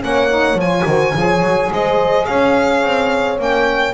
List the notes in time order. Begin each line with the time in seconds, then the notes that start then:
0.00 A#3 C#4 C#5 F#5
0.29 D#4
0.54 F3 F4 G#5
0.85 D#3 F#4 C5
1.15 F3 G#4 C#5
1.42 F#3
1.71 G#3 C5 D#5
2.25 C#4 C#5 F5
2.83 C4
3.36 A#3 C#4 G5